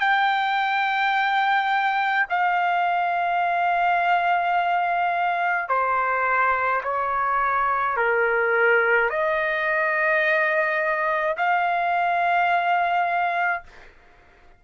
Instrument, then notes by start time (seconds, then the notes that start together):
trumpet
0.00 G5
2.30 F5
5.69 C5
6.83 C#5
7.97 A#4
9.10 D#5
11.37 F5